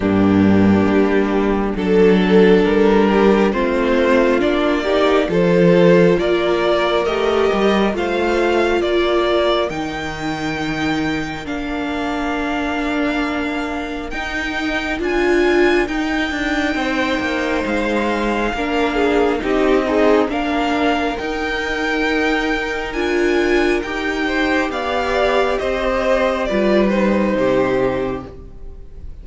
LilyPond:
<<
  \new Staff \with { instrumentName = "violin" } { \time 4/4 \tempo 4 = 68 g'2 a'4 ais'4 | c''4 d''4 c''4 d''4 | dis''4 f''4 d''4 g''4~ | g''4 f''2. |
g''4 gis''4 g''2 | f''2 dis''4 f''4 | g''2 gis''4 g''4 | f''4 dis''4 d''8 c''4. | }
  \new Staff \with { instrumentName = "violin" } { \time 4/4 d'2 a'4. g'8 | f'4. g'8 a'4 ais'4~ | ais'4 c''4 ais'2~ | ais'1~ |
ais'2. c''4~ | c''4 ais'8 gis'8 g'8 dis'8 ais'4~ | ais'2.~ ais'8 c''8 | d''4 c''4 b'4 g'4 | }
  \new Staff \with { instrumentName = "viola" } { \time 4/4 ais2 d'2 | c'4 d'8 dis'8 f'2 | g'4 f'2 dis'4~ | dis'4 d'2. |
dis'4 f'4 dis'2~ | dis'4 d'4 dis'8 gis'8 d'4 | dis'2 f'4 g'4~ | g'2 f'8 dis'4. | }
  \new Staff \with { instrumentName = "cello" } { \time 4/4 g,4 g4 fis4 g4 | a4 ais4 f4 ais4 | a8 g8 a4 ais4 dis4~ | dis4 ais2. |
dis'4 d'4 dis'8 d'8 c'8 ais8 | gis4 ais4 c'4 ais4 | dis'2 d'4 dis'4 | b4 c'4 g4 c4 | }
>>